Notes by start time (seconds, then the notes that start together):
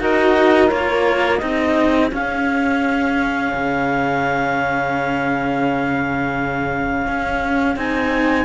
0.00 D#4 F#4 A#4 D#5
0.68 A#3 F4 C#5
1.38 C4 D#4 G#4 D#5
2.12 C#4 F5
3.54 C#3
7.07 C#4
7.76 C4 D#4 G#5